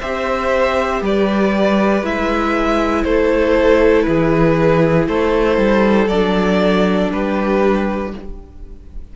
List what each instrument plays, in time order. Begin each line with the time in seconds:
0.00 cello C4, viola G4, violin C5 E5
1.01 cello G3, violin B4 D5
2.02 cello G#3, viola E4, violin E5
3.04 cello A3, violin A4 C5
4.02 cello E3, violin G#4 B4
5.07 cello A3, violin A4 C5
5.57 cello G3
6.06 cello F#3, viola D4, violin D5
7.11 cello G3, violin G4 B4